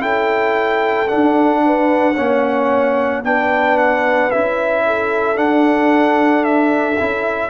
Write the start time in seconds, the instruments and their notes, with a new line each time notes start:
0.00 tuba C#4, trombone E4, horn A4, trumpet G5
1.08 trombone D4, trumpet F#5
1.14 tuba D4
1.66 horn B4
2.14 tuba A#3, trombone C#4, horn C#5
3.24 tuba B3, trombone D4, horn B4, trumpet G5
3.78 trumpet F#5
4.31 tuba C#4, trombone E4, trumpet E5
4.87 horn A4
5.36 trombone D4, tuba D4, trumpet F#5
6.45 trumpet E5
7.00 tuba C#4, trombone E4